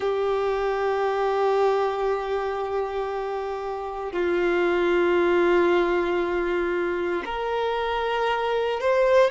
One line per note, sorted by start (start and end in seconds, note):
0.00 4.12 G4
4.12 7.22 F4
7.25 8.80 A#4
8.80 9.30 C5